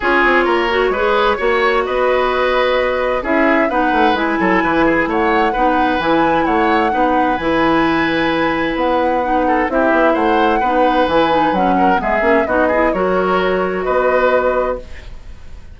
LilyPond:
<<
  \new Staff \with { instrumentName = "flute" } { \time 4/4 \tempo 4 = 130 cis''1 | dis''2. e''4 | fis''4 gis''2 fis''4~ | fis''4 gis''4 fis''2 |
gis''2. fis''4~ | fis''4 e''4 fis''2 | gis''4 fis''4 e''4 dis''4 | cis''2 dis''2 | }
  \new Staff \with { instrumentName = "oboe" } { \time 4/4 gis'4 ais'4 b'4 cis''4 | b'2. gis'4 | b'4. a'8 b'8 gis'8 cis''4 | b'2 cis''4 b'4~ |
b'1~ | b'8 a'8 g'4 c''4 b'4~ | b'4. ais'8 gis'4 fis'8 gis'8 | ais'2 b'2 | }
  \new Staff \with { instrumentName = "clarinet" } { \time 4/4 f'4. fis'8 gis'4 fis'4~ | fis'2. e'4 | dis'4 e'2. | dis'4 e'2 dis'4 |
e'1 | dis'4 e'2 dis'4 | e'8 dis'8 cis'4 b8 cis'8 dis'8 e'8 | fis'1 | }
  \new Staff \with { instrumentName = "bassoon" } { \time 4/4 cis'8 c'8 ais4 gis4 ais4 | b2. cis'4 | b8 a8 gis8 fis8 e4 a4 | b4 e4 a4 b4 |
e2. b4~ | b4 c'8 b8 a4 b4 | e4 fis4 gis8 ais8 b4 | fis2 b2 | }
>>